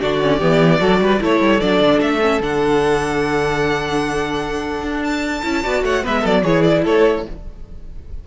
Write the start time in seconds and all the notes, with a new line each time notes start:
0.00 D3 D4 F#4 D5
0.20 C#4
0.38 E3 B3 G4
0.78 F#3 F#4 A4
1.00 G3 B4
1.20 A3 E4 A4 C#5
1.40 G3
1.60 F#3 D4 D5
1.79 D3
2.00 A3 E5
2.20 C#4
2.40 D3 D4 F#5
4.81 D4
5.03 A5
5.43 C#4 E4
5.62 B3 F#4 D5
5.82 A3 C#5 F#5
6.02 G#3 B3 B4 E5
6.21 F#3 A4 D5
6.43 E3 E4 G#4 C#5
6.62 D5
6.83 A3 A4 C#5